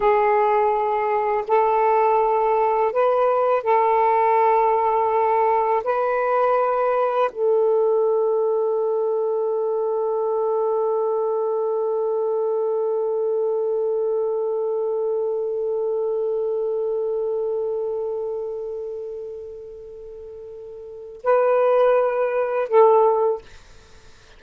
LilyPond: \new Staff \with { instrumentName = "saxophone" } { \time 4/4 \tempo 4 = 82 gis'2 a'2 | b'4 a'2. | b'2 a'2~ | a'1~ |
a'1~ | a'1~ | a'1~ | a'4 b'2 a'4 | }